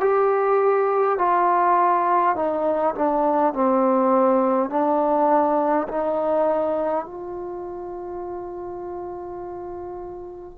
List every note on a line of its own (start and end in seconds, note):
0.00 1.18 G4
1.18 2.36 F4
2.36 2.95 D#4
2.95 3.53 D4
3.53 4.70 C4
4.70 5.87 D4
5.88 7.05 D#4
7.05 10.58 F4